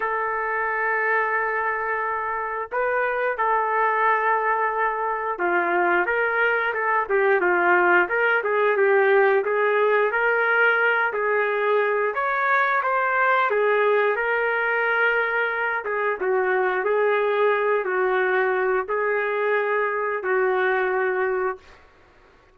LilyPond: \new Staff \with { instrumentName = "trumpet" } { \time 4/4 \tempo 4 = 89 a'1 | b'4 a'2. | f'4 ais'4 a'8 g'8 f'4 | ais'8 gis'8 g'4 gis'4 ais'4~ |
ais'8 gis'4. cis''4 c''4 | gis'4 ais'2~ ais'8 gis'8 | fis'4 gis'4. fis'4. | gis'2 fis'2 | }